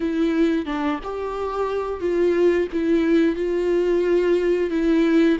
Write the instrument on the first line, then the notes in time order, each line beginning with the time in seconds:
viola
0.00 E4
0.65 D4
1.03 G4
2.00 F4
2.72 E4
3.35 F4
4.70 E4